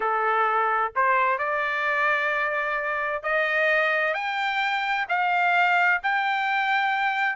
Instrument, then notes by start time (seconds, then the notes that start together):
trumpet
0.00 A4
0.95 C5
1.38 D5
3.22 D#5
4.14 G5
5.09 F5
6.02 G5